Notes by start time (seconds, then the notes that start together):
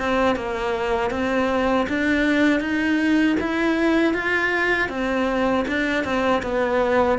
0.00 C4
0.36 A#3
1.11 C4
1.89 D4
2.61 D#4
3.41 E4
4.14 F4
4.90 C4
5.68 D4
6.04 C4
6.43 B3